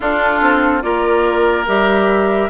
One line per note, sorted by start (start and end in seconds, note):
0.00 0.82 D4
0.00 0.41 D4
0.00 0.83 F4
0.00 0.82 A4
0.41 0.82 C4
0.82 1.67 A#3
0.82 1.65 F4
0.82 2.49 A#4
0.82 1.65 D5
1.67 2.49 G3
1.67 2.49 G4
1.67 2.49 E5